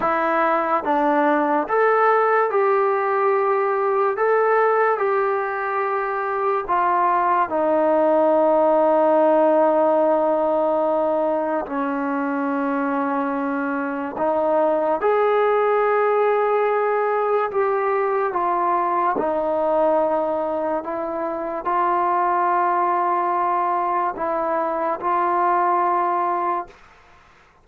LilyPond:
\new Staff \with { instrumentName = "trombone" } { \time 4/4 \tempo 4 = 72 e'4 d'4 a'4 g'4~ | g'4 a'4 g'2 | f'4 dis'2.~ | dis'2 cis'2~ |
cis'4 dis'4 gis'2~ | gis'4 g'4 f'4 dis'4~ | dis'4 e'4 f'2~ | f'4 e'4 f'2 | }